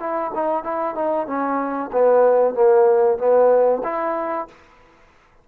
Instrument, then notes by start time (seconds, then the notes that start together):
trombone
0.00 E4
0.35 D#4
0.64 E4
0.95 D#4
1.27 C#4
1.93 B3
2.55 A#3
3.19 B3
3.84 E4